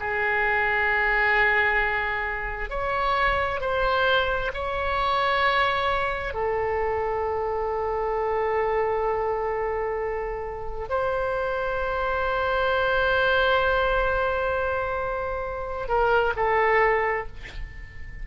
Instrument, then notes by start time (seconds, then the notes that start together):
oboe
0.00 G#4
2.70 C#5
3.61 C5
4.54 C#5
6.34 A4
10.90 C5
15.88 A#4
16.36 A4